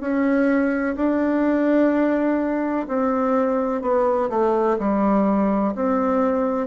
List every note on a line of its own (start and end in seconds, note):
0.00 0.95 C#4
0.96 2.86 D4
2.88 3.82 C4
3.82 4.29 B3
4.30 4.77 A3
4.79 5.74 G3
5.75 6.67 C4